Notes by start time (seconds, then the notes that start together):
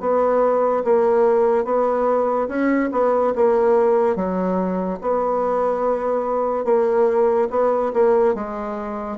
0.00 B3
0.84 A#3
1.64 B3
2.48 C#4
2.92 B3
3.35 A#3
4.16 F#3
5.01 B3
6.65 A#3
7.50 B3
7.93 A#3
8.35 G#3